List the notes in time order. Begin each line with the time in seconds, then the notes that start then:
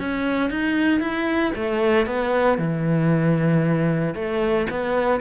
0.00 C#4
0.51 D#4
1.01 E4
1.56 A3
2.07 B3
2.59 E3
4.15 A3
4.71 B3